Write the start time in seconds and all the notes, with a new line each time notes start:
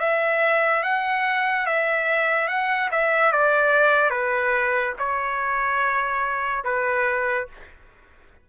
0.00 E5
0.83 F#5
1.67 E5
2.48 F#5
2.92 E5
3.33 D5
4.11 B4
4.99 C#5
6.65 B4